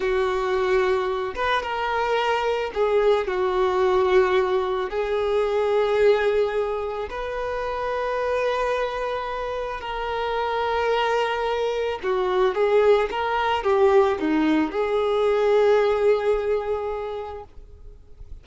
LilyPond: \new Staff \with { instrumentName = "violin" } { \time 4/4 \tempo 4 = 110 fis'2~ fis'8 b'8 ais'4~ | ais'4 gis'4 fis'2~ | fis'4 gis'2.~ | gis'4 b'2.~ |
b'2 ais'2~ | ais'2 fis'4 gis'4 | ais'4 g'4 dis'4 gis'4~ | gis'1 | }